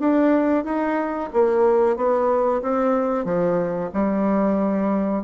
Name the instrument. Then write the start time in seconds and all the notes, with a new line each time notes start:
bassoon
0.00 D4
0.65 D#4
1.33 A#3
1.97 B3
2.62 C4
3.25 F3
3.94 G3